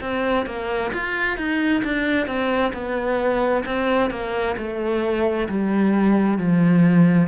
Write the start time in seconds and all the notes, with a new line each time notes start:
0.00 C4
0.45 A#3
0.93 F4
1.37 D#4
1.83 D4
2.26 C4
2.73 B3
3.65 C4
4.10 A#3
4.57 A3
5.48 G3
6.38 F3